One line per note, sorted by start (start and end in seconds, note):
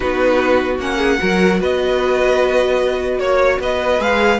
0.00 0.78 B3
0.00 0.79 D#4
0.00 0.97 F#4
0.00 0.77 B4
0.78 1.18 A#3
0.78 1.19 C#4
0.78 1.61 F#5
0.97 1.17 G#4
1.19 1.60 F#3
1.19 3.98 F#4
1.19 1.59 A#4
1.59 3.18 B3
1.59 3.19 B4
1.59 3.19 D#5
3.18 3.58 A#3
3.18 3.59 C#5
3.59 3.99 B3
3.59 4.39 B4
3.59 4.01 D#5
3.98 4.39 G#3
3.98 4.38 G#4
3.98 4.39 F5